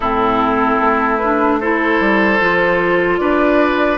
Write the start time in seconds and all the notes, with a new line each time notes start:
0.00 A2 C4 E4 A4
0.80 A3
1.17 D4 B4
1.60 E4 A4 C5
2.00 G3
2.39 F3 F4
3.17 D4 B4 D5